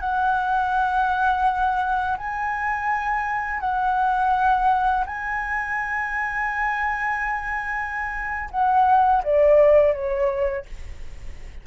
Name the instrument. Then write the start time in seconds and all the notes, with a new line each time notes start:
flute
0.00 F#5
2.17 G#5
3.59 F#5
5.06 G#5
8.50 F#5
9.23 D5
9.93 C#5